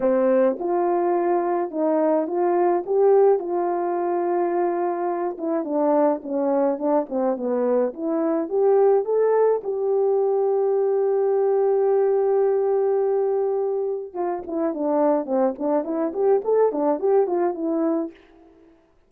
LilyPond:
\new Staff \with { instrumentName = "horn" } { \time 4/4 \tempo 4 = 106 c'4 f'2 dis'4 | f'4 g'4 f'2~ | f'4. e'8 d'4 cis'4 | d'8 c'8 b4 e'4 g'4 |
a'4 g'2.~ | g'1~ | g'4 f'8 e'8 d'4 c'8 d'8 | e'8 g'8 a'8 d'8 g'8 f'8 e'4 | }